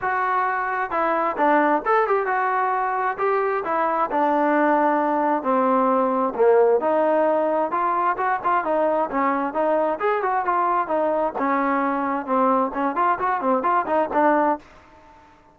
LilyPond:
\new Staff \with { instrumentName = "trombone" } { \time 4/4 \tempo 4 = 132 fis'2 e'4 d'4 | a'8 g'8 fis'2 g'4 | e'4 d'2. | c'2 ais4 dis'4~ |
dis'4 f'4 fis'8 f'8 dis'4 | cis'4 dis'4 gis'8 fis'8 f'4 | dis'4 cis'2 c'4 | cis'8 f'8 fis'8 c'8 f'8 dis'8 d'4 | }